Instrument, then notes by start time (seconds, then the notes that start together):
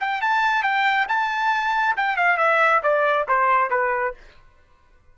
trumpet
0.00 G5
0.21 A5
0.63 G5
1.08 A5
1.96 G5
2.17 F5
2.37 E5
2.83 D5
3.28 C5
3.70 B4